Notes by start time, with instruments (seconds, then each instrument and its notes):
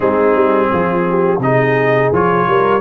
0.00 tuba G#3, trombone C4, horn D#4, trumpet G#4
0.34 tuba G3
0.71 tuba F3, horn F4
1.09 horn G4
1.38 tuba C3, trombone D#4, horn G#4, trumpet D#5
2.12 tuba F3, trombone F4, trumpet C#5
2.47 tuba G3, horn A#4